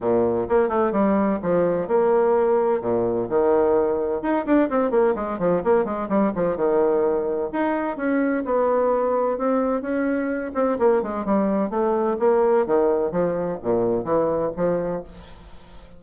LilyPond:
\new Staff \with { instrumentName = "bassoon" } { \time 4/4 \tempo 4 = 128 ais,4 ais8 a8 g4 f4 | ais2 ais,4 dis4~ | dis4 dis'8 d'8 c'8 ais8 gis8 f8 | ais8 gis8 g8 f8 dis2 |
dis'4 cis'4 b2 | c'4 cis'4. c'8 ais8 gis8 | g4 a4 ais4 dis4 | f4 ais,4 e4 f4 | }